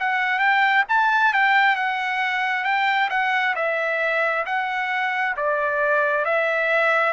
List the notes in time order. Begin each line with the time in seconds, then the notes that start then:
0.00 F#5
0.39 G5
0.89 A5
1.34 G5
1.76 F#5
2.64 G5
3.10 F#5
3.55 E5
4.46 F#5
5.36 D5
6.25 E5